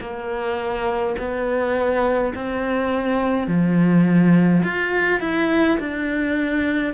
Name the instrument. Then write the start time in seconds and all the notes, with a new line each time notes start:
cello
0.00 A#3
1.18 B3
2.34 C4
3.47 F3
4.63 F4
5.20 E4
5.79 D4